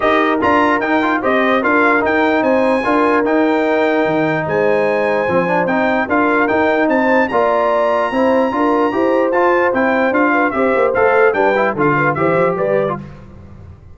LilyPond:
<<
  \new Staff \with { instrumentName = "trumpet" } { \time 4/4 \tempo 4 = 148 dis''4 ais''4 g''4 dis''4 | f''4 g''4 gis''2 | g''2. gis''4~ | gis''2 g''4 f''4 |
g''4 a''4 ais''2~ | ais''2. a''4 | g''4 f''4 e''4 f''4 | g''4 f''4 e''4 d''4 | }
  \new Staff \with { instrumentName = "horn" } { \time 4/4 ais'2. c''4 | ais'2 c''4 ais'4~ | ais'2. c''4~ | c''2. ais'4~ |
ais'4 c''4 d''2 | c''4 ais'4 c''2~ | c''4. b'8 c''2 | b'4 a'8 b'8 c''4 b'4 | }
  \new Staff \with { instrumentName = "trombone" } { \time 4/4 g'4 f'4 dis'8 f'8 g'4 | f'4 dis'2 f'4 | dis'1~ | dis'4 c'8 d'8 dis'4 f'4 |
dis'2 f'2 | e'4 f'4 g'4 f'4 | e'4 f'4 g'4 a'4 | d'8 e'8 f'4 g'4.~ g'16 f'16 | }
  \new Staff \with { instrumentName = "tuba" } { \time 4/4 dis'4 d'4 dis'4 c'4 | d'4 dis'4 c'4 d'4 | dis'2 dis4 gis4~ | gis4 f4 c'4 d'4 |
dis'4 c'4 ais2 | c'4 d'4 e'4 f'4 | c'4 d'4 c'8 ais8 a4 | g4 d4 e8 f8 g4 | }
>>